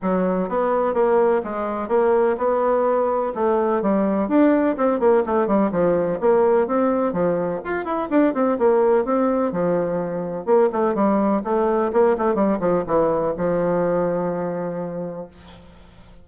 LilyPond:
\new Staff \with { instrumentName = "bassoon" } { \time 4/4 \tempo 4 = 126 fis4 b4 ais4 gis4 | ais4 b2 a4 | g4 d'4 c'8 ais8 a8 g8 | f4 ais4 c'4 f4 |
f'8 e'8 d'8 c'8 ais4 c'4 | f2 ais8 a8 g4 | a4 ais8 a8 g8 f8 e4 | f1 | }